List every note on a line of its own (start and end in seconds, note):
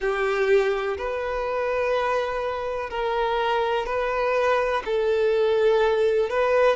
0.00 0.97 G4
0.97 2.90 B4
2.90 3.85 A#4
3.85 4.82 B4
4.85 6.29 A4
6.29 6.76 B4